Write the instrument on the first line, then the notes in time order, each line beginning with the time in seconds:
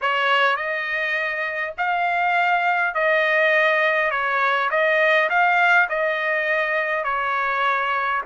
trumpet
0.01 C#5
0.56 D#5
1.77 F5
2.94 D#5
4.10 C#5
4.70 D#5
5.29 F5
5.89 D#5
7.03 C#5